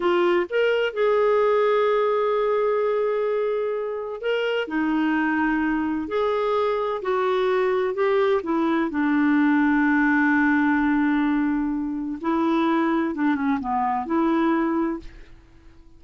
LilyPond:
\new Staff \with { instrumentName = "clarinet" } { \time 4/4 \tempo 4 = 128 f'4 ais'4 gis'2~ | gis'1~ | gis'4 ais'4 dis'2~ | dis'4 gis'2 fis'4~ |
fis'4 g'4 e'4 d'4~ | d'1~ | d'2 e'2 | d'8 cis'8 b4 e'2 | }